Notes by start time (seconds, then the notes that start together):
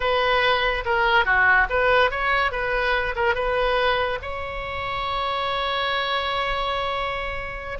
0.00 B4
0.85 A#4
1.25 F#4
1.69 B4
2.10 C#5
2.51 B4
3.15 A#4
3.35 B4
4.21 C#5